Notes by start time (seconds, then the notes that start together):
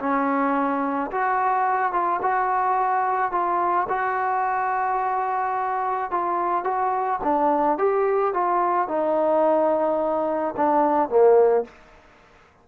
0.00 C#4
1.12 F#4
1.93 F4
2.22 F#4
3.32 F4
3.89 F#4
6.11 F4
6.64 F#4
7.24 D4
7.78 G4
8.34 F4
8.89 D#4
10.57 D4
11.10 A#3